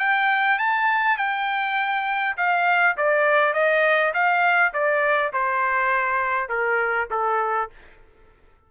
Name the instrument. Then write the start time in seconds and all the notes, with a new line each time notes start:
trumpet
0.00 G5
0.59 A5
1.18 G5
2.38 F5
2.98 D5
3.54 D#5
4.14 F5
4.74 D5
5.33 C5
6.49 A#4
7.11 A4